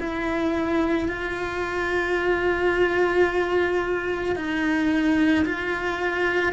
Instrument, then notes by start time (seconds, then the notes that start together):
cello
0.00 E4
1.09 F4
4.36 D#4
5.46 F4